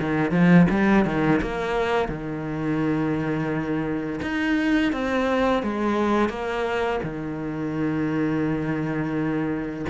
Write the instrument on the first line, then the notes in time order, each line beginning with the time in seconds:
cello
0.00 D#3
0.32 F3
0.70 G3
1.06 D#3
1.42 A#3
2.09 D#3
4.23 D#4
4.93 C4
5.63 G#3
6.30 A#3
7.04 D#3